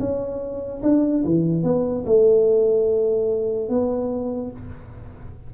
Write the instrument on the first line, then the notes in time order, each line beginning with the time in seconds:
tuba
0.00 C#4
0.83 D4
1.26 E3
1.64 B3
2.06 A3
3.69 B3